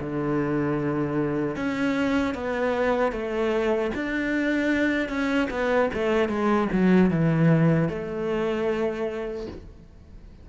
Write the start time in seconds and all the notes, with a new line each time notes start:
0.00 D3
1.56 C#4
2.34 B3
3.12 A3
3.95 D4
5.08 C#4
5.50 B3
5.94 A3
6.29 G#3
6.72 F#3
7.10 E3
7.89 A3